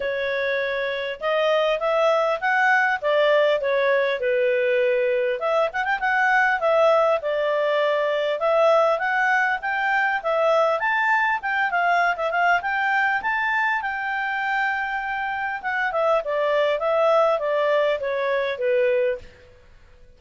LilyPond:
\new Staff \with { instrumentName = "clarinet" } { \time 4/4 \tempo 4 = 100 cis''2 dis''4 e''4 | fis''4 d''4 cis''4 b'4~ | b'4 e''8 fis''16 g''16 fis''4 e''4 | d''2 e''4 fis''4 |
g''4 e''4 a''4 g''8 f''8~ | f''16 e''16 f''8 g''4 a''4 g''4~ | g''2 fis''8 e''8 d''4 | e''4 d''4 cis''4 b'4 | }